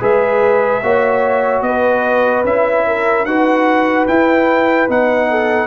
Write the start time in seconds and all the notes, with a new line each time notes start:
0.00 G#3 G#4 B4 E5
0.83 A#3 F#4 C#5
1.61 B3 B4 D#5
2.44 C#4 E4 E5
2.87 A#4
3.24 D#4 F#4 B4 F#5
4.07 E4 G5
4.88 B3 D#4 F#5
5.30 A4